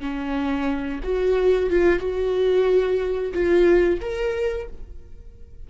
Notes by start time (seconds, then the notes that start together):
0.00 C#4
1.03 F#4
1.69 F4
1.99 F#4
3.33 F4
4.00 A#4